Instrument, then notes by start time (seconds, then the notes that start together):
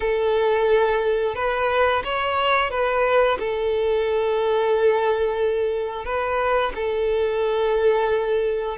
violin
0.00 A4
1.35 B4
2.04 C#5
2.70 B4
3.39 A4
6.05 B4
6.75 A4